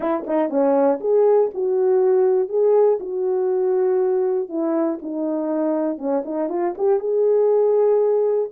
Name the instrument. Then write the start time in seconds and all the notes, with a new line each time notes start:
horn
0.00 E4
0.26 D#4
0.49 C#4
1.00 G#4
1.54 F#4
2.48 G#4
3.00 F#4
4.49 E4
5.01 D#4
5.97 C#4
6.25 D#4
6.49 F4
6.77 G4
6.99 G#4